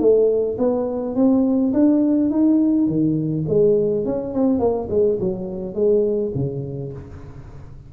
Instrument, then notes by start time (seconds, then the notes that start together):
tuba
0.00 A3
0.58 B3
1.16 C4
1.74 D4
2.31 D#4
2.88 D#3
3.49 G#3
4.06 C#4
4.34 C4
4.59 A#3
4.90 G#3
5.21 F#3
5.75 G#3
6.35 C#3